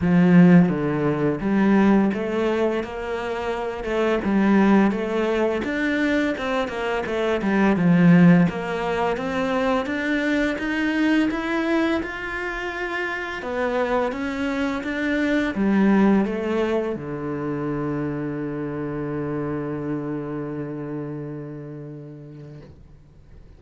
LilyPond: \new Staff \with { instrumentName = "cello" } { \time 4/4 \tempo 4 = 85 f4 d4 g4 a4 | ais4. a8 g4 a4 | d'4 c'8 ais8 a8 g8 f4 | ais4 c'4 d'4 dis'4 |
e'4 f'2 b4 | cis'4 d'4 g4 a4 | d1~ | d1 | }